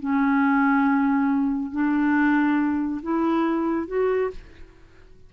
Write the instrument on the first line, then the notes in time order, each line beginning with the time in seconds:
clarinet
0.00 C#4
1.72 D4
3.03 E4
3.88 F#4